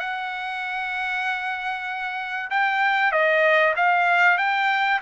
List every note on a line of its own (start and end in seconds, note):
0.00 2.50 F#5
2.50 3.12 G5
3.12 3.74 D#5
3.76 4.38 F5
4.38 5.00 G5